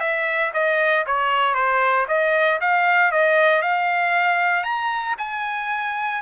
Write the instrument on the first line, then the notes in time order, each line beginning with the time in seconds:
trumpet
0.00 E5
0.54 D#5
1.06 C#5
1.55 C5
2.08 D#5
2.61 F5
3.12 D#5
3.62 F5
4.64 A#5
5.18 G#5